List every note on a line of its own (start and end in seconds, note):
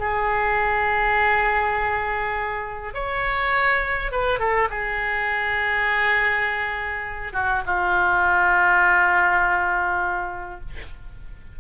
0.00 2.94 G#4
2.94 4.12 C#5
4.12 4.39 B4
4.39 4.69 A4
4.70 7.33 G#4
7.33 7.63 F#4
7.66 10.60 F4